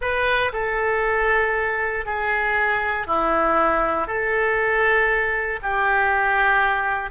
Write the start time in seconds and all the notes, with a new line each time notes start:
0.01 B4
0.53 A4
2.05 G#4
3.06 E4
4.07 A4
5.62 G4